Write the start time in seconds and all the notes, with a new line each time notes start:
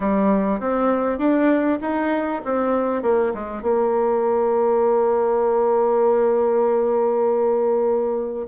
0.00 G3
0.60 C4
1.18 D4
1.81 D#4
2.44 C4
3.02 A#3
3.34 G#3
3.61 A#3